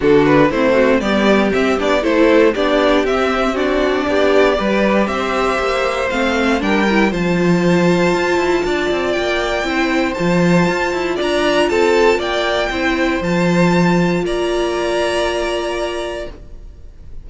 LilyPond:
<<
  \new Staff \with { instrumentName = "violin" } { \time 4/4 \tempo 4 = 118 a'8 b'8 c''4 d''4 e''8 d''8 | c''4 d''4 e''4 d''4~ | d''2 e''2 | f''4 g''4 a''2~ |
a''2 g''2 | a''2 ais''4 a''4 | g''2 a''2 | ais''1 | }
  \new Staff \with { instrumentName = "violin" } { \time 4/4 fis'4 e'8 fis'8 g'2 | a'4 g'2 fis'4 | g'4 b'4 c''2~ | c''4 ais'4 c''2~ |
c''4 d''2 c''4~ | c''2 d''4 a'4 | d''4 c''2. | d''1 | }
  \new Staff \with { instrumentName = "viola" } { \time 4/4 d'4 c'4 b4 c'8 d'8 | e'4 d'4 c'4 d'4~ | d'4 g'2. | c'4 d'8 e'8 f'2~ |
f'2. e'4 | f'1~ | f'4 e'4 f'2~ | f'1 | }
  \new Staff \with { instrumentName = "cello" } { \time 4/4 d4 a4 g4 c'8 b8 | a4 b4 c'2 | b4 g4 c'4 ais4 | a4 g4 f2 |
f'8 e'8 d'8 c'8 ais4 c'4 | f4 f'8 e'8 d'4 c'4 | ais4 c'4 f2 | ais1 | }
>>